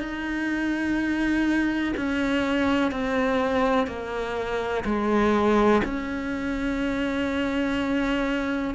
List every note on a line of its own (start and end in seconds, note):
0.00 1.94 D#4
1.97 2.92 C#4
2.92 3.87 C4
3.87 4.84 A#3
4.85 5.82 G#3
5.84 8.74 C#4